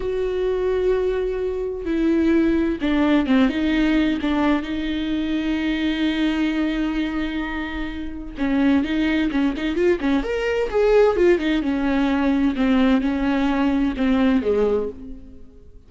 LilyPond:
\new Staff \with { instrumentName = "viola" } { \time 4/4 \tempo 4 = 129 fis'1 | e'2 d'4 c'8 dis'8~ | dis'4 d'4 dis'2~ | dis'1~ |
dis'2 cis'4 dis'4 | cis'8 dis'8 f'8 cis'8 ais'4 gis'4 | f'8 dis'8 cis'2 c'4 | cis'2 c'4 gis4 | }